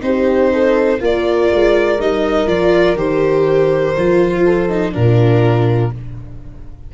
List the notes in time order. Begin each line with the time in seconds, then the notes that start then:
0.00 C4 D#4 G4 C5
0.52 A4
0.99 A#3 F4 A#4 D5
1.53 G#3
1.99 G3 D#4 D#5
2.47 F3 F4 D5
2.94 D#3 G4 C5
3.96 F3 F4
4.44 A4
4.69 D#4
4.92 A#2 D4 F4 A#4